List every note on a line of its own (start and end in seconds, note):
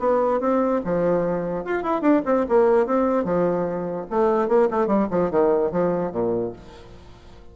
0.00 0.41 B3
0.41 0.81 C4
0.85 1.65 F3
1.65 1.83 F4
1.83 2.02 E4
2.02 2.22 D4
2.26 2.46 C4
2.49 2.87 A#3
2.87 3.25 C4
3.25 4.06 F3
4.11 4.49 A3
4.49 4.69 A#3
4.71 4.88 A3
4.88 5.08 G3
5.11 5.31 F3
5.31 5.72 D#3
5.72 6.12 F3
6.12 6.53 A#2